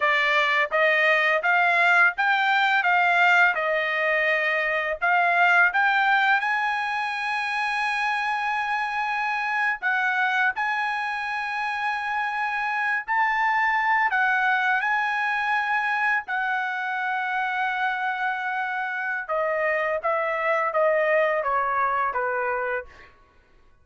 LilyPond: \new Staff \with { instrumentName = "trumpet" } { \time 4/4 \tempo 4 = 84 d''4 dis''4 f''4 g''4 | f''4 dis''2 f''4 | g''4 gis''2.~ | gis''4.~ gis''16 fis''4 gis''4~ gis''16~ |
gis''2~ gis''16 a''4. fis''16~ | fis''8. gis''2 fis''4~ fis''16~ | fis''2. dis''4 | e''4 dis''4 cis''4 b'4 | }